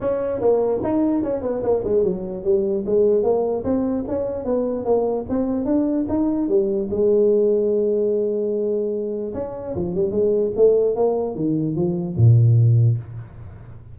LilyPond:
\new Staff \with { instrumentName = "tuba" } { \time 4/4 \tempo 4 = 148 cis'4 ais4 dis'4 cis'8 b8 | ais8 gis8 fis4 g4 gis4 | ais4 c'4 cis'4 b4 | ais4 c'4 d'4 dis'4 |
g4 gis2.~ | gis2. cis'4 | f8 g8 gis4 a4 ais4 | dis4 f4 ais,2 | }